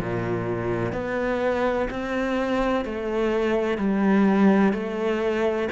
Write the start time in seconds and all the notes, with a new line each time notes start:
0.00 A#2
0.93 B3
1.90 C4
2.85 A3
3.78 G3
4.73 A3